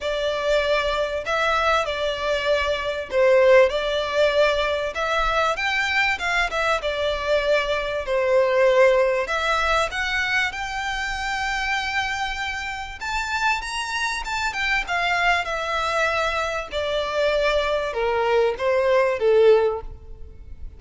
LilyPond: \new Staff \with { instrumentName = "violin" } { \time 4/4 \tempo 4 = 97 d''2 e''4 d''4~ | d''4 c''4 d''2 | e''4 g''4 f''8 e''8 d''4~ | d''4 c''2 e''4 |
fis''4 g''2.~ | g''4 a''4 ais''4 a''8 g''8 | f''4 e''2 d''4~ | d''4 ais'4 c''4 a'4 | }